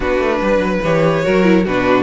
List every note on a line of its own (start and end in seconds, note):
0.00 0.19 B3
0.00 0.82 D4
0.00 0.39 F#4
0.00 0.83 B4
0.19 0.40 A3
0.41 0.58 G3
0.41 1.24 B4
0.58 0.79 F#3
0.83 1.25 E3
0.83 1.24 G4
0.83 1.66 C#5
1.24 1.66 F#3
1.24 1.43 F#4
1.24 1.64 A#4
1.43 1.63 E4
1.64 2.03 B2
1.64 2.03 D4
1.64 2.03 F#4
1.64 2.03 B4